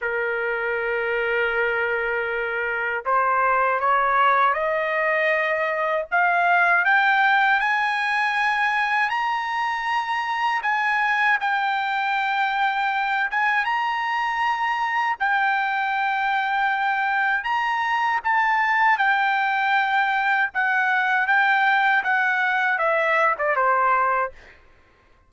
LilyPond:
\new Staff \with { instrumentName = "trumpet" } { \time 4/4 \tempo 4 = 79 ais'1 | c''4 cis''4 dis''2 | f''4 g''4 gis''2 | ais''2 gis''4 g''4~ |
g''4. gis''8 ais''2 | g''2. ais''4 | a''4 g''2 fis''4 | g''4 fis''4 e''8. d''16 c''4 | }